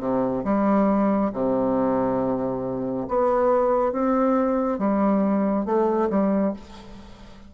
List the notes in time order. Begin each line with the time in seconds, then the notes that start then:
0.00 C3
0.44 G3
1.33 C3
3.08 B3
3.92 C4
4.79 G3
5.66 A3
6.10 G3